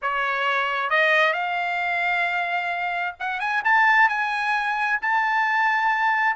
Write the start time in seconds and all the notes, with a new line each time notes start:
0.02 C#5
0.90 D#5
1.33 F5
3.19 F#5
3.40 G#5
3.64 A5
4.08 G#5
5.01 A5